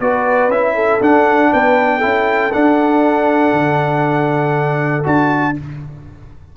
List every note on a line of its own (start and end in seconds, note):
0.00 0.48 B3
0.00 0.51 F#4
0.00 0.75 B4
0.00 0.51 D5
0.48 0.99 C#4
0.48 1.01 E4
0.48 1.01 E5
0.75 1.50 A4
1.00 1.51 D4
1.00 2.01 D4
1.00 1.53 F#5
1.52 2.04 B3
1.52 1.97 B4
1.52 2.52 G5
1.97 2.51 E4
1.97 5.50 A4
2.04 2.54 C#4
2.52 5.03 D4
2.52 3.52 D4
2.52 5.04 F#5
3.52 5.04 D3
5.03 5.57 D4
5.03 5.54 F#4
5.03 5.56 A5